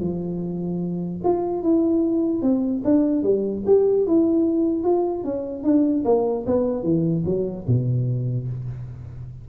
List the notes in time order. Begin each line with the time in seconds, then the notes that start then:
0.00 F3
1.24 F4
1.63 E4
2.42 C4
2.84 D4
3.23 G3
3.66 G4
4.07 E4
4.84 F4
5.24 C#4
5.64 D4
6.05 A#3
6.46 B3
6.83 E3
7.25 F#3
7.67 B2